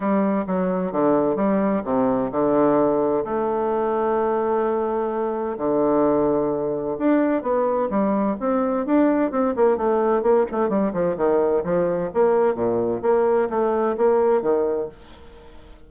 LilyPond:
\new Staff \with { instrumentName = "bassoon" } { \time 4/4 \tempo 4 = 129 g4 fis4 d4 g4 | c4 d2 a4~ | a1 | d2. d'4 |
b4 g4 c'4 d'4 | c'8 ais8 a4 ais8 a8 g8 f8 | dis4 f4 ais4 ais,4 | ais4 a4 ais4 dis4 | }